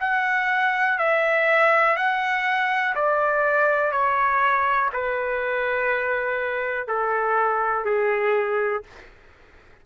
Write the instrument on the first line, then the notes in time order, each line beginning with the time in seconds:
trumpet
0.00 F#5
0.98 E5
1.96 F#5
2.95 D5
3.92 C#5
4.93 B4
6.87 A4
7.85 G#4